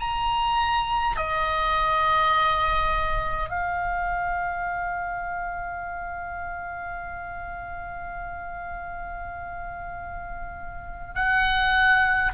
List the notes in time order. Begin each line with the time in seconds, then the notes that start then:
0.00 A#5
1.17 D#5
3.49 F5
11.14 F#5